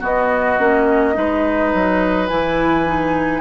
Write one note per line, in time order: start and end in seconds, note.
0.00 0.57 B3
0.00 0.59 B3
0.00 1.13 F#4
0.00 2.27 D#5
0.58 1.15 A#3
0.58 1.13 C#4
1.13 1.73 G#3
1.13 2.27 D#4
1.13 3.40 B4
1.73 2.29 F#3
2.27 3.40 E3
2.27 2.85 E4
2.27 3.40 G#5
2.85 3.40 D#4